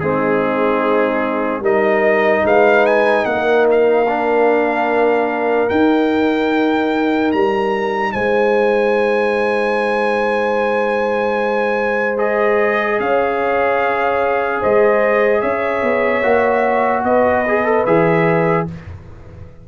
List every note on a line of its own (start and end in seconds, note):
0.00 1.60 G#3
0.00 1.63 C4
0.00 1.62 D#4
0.00 1.62 G#4
1.60 2.41 G3
1.60 4.06 D#4
1.60 2.43 A#4
1.60 2.46 D#5
2.44 3.25 G#3
2.44 3.26 B4
2.44 2.86 F5
2.86 3.25 G#5
3.25 5.69 A#3
3.25 8.12 A#4
3.25 3.66 F#5
3.71 5.69 F5
4.08 5.68 D4
5.68 12.17 D#4
5.68 7.33 D#4
5.68 7.31 G5
7.31 8.14 G3
7.31 8.12 A#5
8.12 12.99 G#3
8.12 12.99 C5
8.12 12.18 G#5
12.17 16.23 G#4
12.17 12.99 D#5
12.99 14.62 C#4
12.99 14.60 C#5
12.99 14.62 F5
14.60 15.43 G#3
14.60 15.41 C5
14.60 15.41 D#5
15.41 15.82 C#4
15.41 17.03 C#5
15.41 17.03 E5
15.82 16.22 B3
16.23 17.04 A#3
16.23 17.44 F#4
17.04 17.85 B3
17.04 18.68 B4
17.04 17.85 D#5
17.48 17.65 G#4
17.65 17.85 A4
17.85 18.68 E3
17.85 18.67 G#4
17.85 18.67 E5